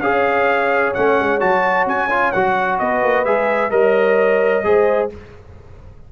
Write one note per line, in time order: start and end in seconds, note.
0.00 0.92 C#4
0.00 0.95 G#4
0.00 2.80 C#5
0.00 0.93 F5
0.94 1.20 A3
0.94 1.40 C#4
0.94 1.40 F#5
1.20 1.42 G#3
1.40 1.86 F#3
1.40 2.09 F#4
1.40 1.86 A5
1.86 2.32 C#4
1.86 2.32 G#5
2.10 2.33 F4
2.32 2.80 F#3
2.32 3.25 F#4
2.32 2.78 F#5
2.78 3.03 B3
2.78 3.72 B4
2.78 3.24 D#5
3.03 3.25 A#3
3.24 3.71 G#3
3.24 3.70 G#4
3.24 3.71 E5
3.70 4.64 G3
3.70 4.63 A#4
3.70 4.65 C#5
3.70 5.09 D#5
4.63 5.10 G#3
4.63 5.10 G#4
4.63 5.12 C5